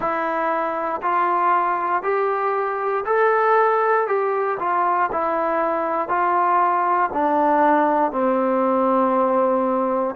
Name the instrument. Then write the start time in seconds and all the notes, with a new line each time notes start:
trombone
0.00 E4
1.02 F4
2.02 G4
3.05 A4
4.07 G4
4.59 F4
5.12 E4
6.08 F4
7.13 D4
8.11 C4